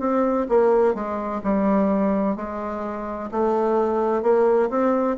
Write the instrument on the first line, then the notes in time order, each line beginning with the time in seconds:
bassoon
0.00 C4
0.49 A#3
0.95 G#3
1.44 G3
2.36 G#3
3.31 A3
4.23 A#3
4.70 C4